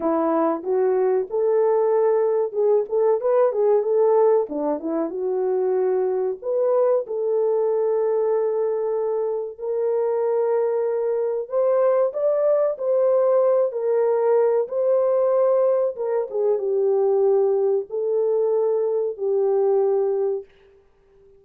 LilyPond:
\new Staff \with { instrumentName = "horn" } { \time 4/4 \tempo 4 = 94 e'4 fis'4 a'2 | gis'8 a'8 b'8 gis'8 a'4 d'8 e'8 | fis'2 b'4 a'4~ | a'2. ais'4~ |
ais'2 c''4 d''4 | c''4. ais'4. c''4~ | c''4 ais'8 gis'8 g'2 | a'2 g'2 | }